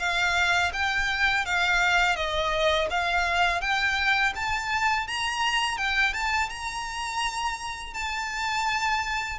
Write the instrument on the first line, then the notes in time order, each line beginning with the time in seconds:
violin
0.00 F5
0.73 G5
1.46 F5
2.16 D#5
2.91 F5
3.61 G5
4.36 A5
5.08 A#5
5.78 G5
6.14 A5
6.50 A#5
7.94 A5